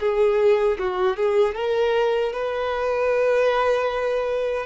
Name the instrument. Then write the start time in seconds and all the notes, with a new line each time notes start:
violin
0.00 G#4
0.79 F#4
1.17 G#4
1.55 A#4
2.33 B4